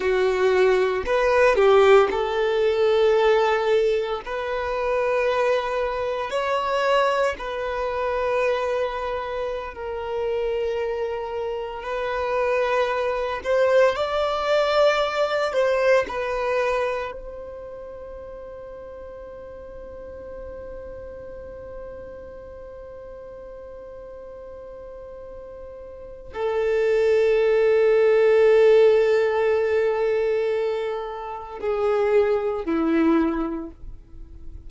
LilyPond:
\new Staff \with { instrumentName = "violin" } { \time 4/4 \tempo 4 = 57 fis'4 b'8 g'8 a'2 | b'2 cis''4 b'4~ | b'4~ b'16 ais'2 b'8.~ | b'8. c''8 d''4. c''8 b'8.~ |
b'16 c''2.~ c''8.~ | c''1~ | c''4 a'2.~ | a'2 gis'4 e'4 | }